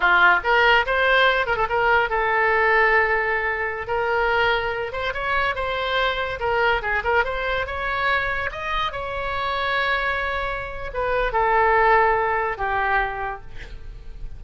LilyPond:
\new Staff \with { instrumentName = "oboe" } { \time 4/4 \tempo 4 = 143 f'4 ais'4 c''4. ais'16 a'16 | ais'4 a'2.~ | a'4~ a'16 ais'2~ ais'8 c''16~ | c''16 cis''4 c''2 ais'8.~ |
ais'16 gis'8 ais'8 c''4 cis''4.~ cis''16~ | cis''16 dis''4 cis''2~ cis''8.~ | cis''2 b'4 a'4~ | a'2 g'2 | }